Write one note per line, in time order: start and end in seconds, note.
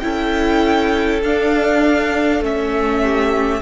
0.00 1.23 C#4
0.00 1.22 E4
0.00 3.02 A4
0.00 1.20 G5
1.23 2.41 D4
1.23 2.43 D4
1.23 2.43 F5
2.41 3.60 A3
2.41 3.62 C#4
2.41 3.62 E5
3.02 3.62 G4